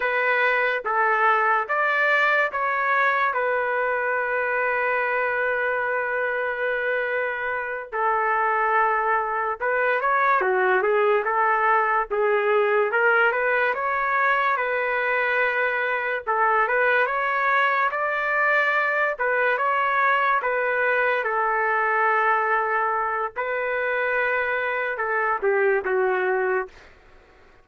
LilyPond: \new Staff \with { instrumentName = "trumpet" } { \time 4/4 \tempo 4 = 72 b'4 a'4 d''4 cis''4 | b'1~ | b'4. a'2 b'8 | cis''8 fis'8 gis'8 a'4 gis'4 ais'8 |
b'8 cis''4 b'2 a'8 | b'8 cis''4 d''4. b'8 cis''8~ | cis''8 b'4 a'2~ a'8 | b'2 a'8 g'8 fis'4 | }